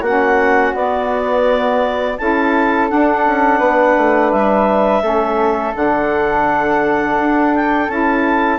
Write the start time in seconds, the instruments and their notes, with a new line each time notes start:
0.00 bassoon A#3, saxophone C#4, flute F#4, clarinet F#5
0.74 bassoon B3, saxophone B3, clarinet D5
2.17 bassoon C#4, saxophone E4, flute A4, clarinet A5
2.89 saxophone D4, bassoon D4, clarinet F#5
3.26 bassoon C#4
3.58 bassoon B3, flute B4
3.97 bassoon A3
4.31 bassoon G3, clarinet E5
5.01 bassoon A3, saxophone C#4, flute A4
5.73 bassoon D3, saxophone D4, clarinet F#5
7.18 bassoon D4
7.54 clarinet G5
7.88 bassoon C#4, saxophone E4, clarinet A5